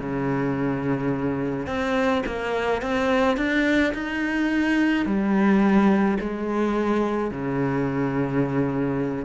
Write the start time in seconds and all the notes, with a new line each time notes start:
0.00 C#3
1.67 C4
2.27 A#3
2.82 C4
3.37 D4
3.95 D#4
5.06 G3
6.21 G#3
7.32 C#3